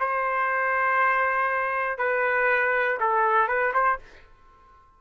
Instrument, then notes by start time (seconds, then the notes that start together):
trumpet
0.00 C5
1.99 B4
3.00 A4
3.48 B4
3.74 C5